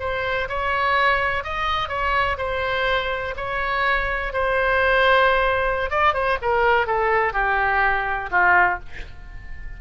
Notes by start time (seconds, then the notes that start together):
0.00 C5
0.49 C#5
1.44 D#5
1.89 C#5
2.38 C5
3.37 C#5
4.33 C5
5.90 D5
6.14 C5
6.42 A#4
6.87 A4
7.33 G4
8.31 F4